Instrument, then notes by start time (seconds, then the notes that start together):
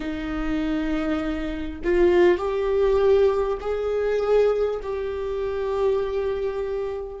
viola
0.00 D#4
1.84 F4
2.37 G4
3.60 G#4
4.82 G4